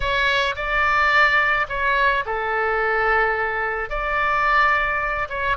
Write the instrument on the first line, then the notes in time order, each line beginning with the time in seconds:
oboe
0.00 C#5
0.55 D5
1.68 C#5
2.25 A4
3.89 D5
5.29 C#5